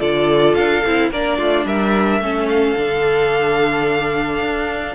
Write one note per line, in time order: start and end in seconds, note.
0.00 0.56 D3
0.00 0.83 F4
0.00 1.11 A4
0.00 0.55 D5
0.55 0.83 D4
0.55 1.10 F5
0.86 1.11 C4
0.86 1.13 E4
1.11 1.39 A#3
1.11 2.22 D4
1.11 1.38 A#4
1.11 1.67 D5
1.38 1.65 A3
1.38 1.66 F4
1.65 2.19 G3
1.65 2.22 A#4
1.65 2.49 E5
2.19 2.74 A3
2.19 2.77 C#4
2.19 4.96 A4
2.49 4.96 F5
2.77 4.40 D3
2.77 4.96 D4
4.40 4.95 D4